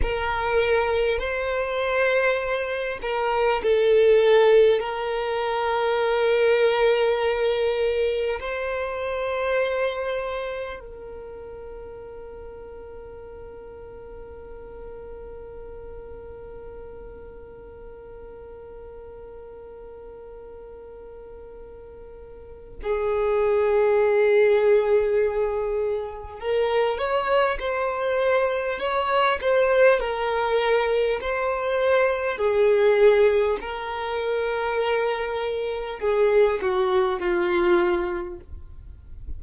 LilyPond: \new Staff \with { instrumentName = "violin" } { \time 4/4 \tempo 4 = 50 ais'4 c''4. ais'8 a'4 | ais'2. c''4~ | c''4 ais'2.~ | ais'1~ |
ais'2. gis'4~ | gis'2 ais'8 cis''8 c''4 | cis''8 c''8 ais'4 c''4 gis'4 | ais'2 gis'8 fis'8 f'4 | }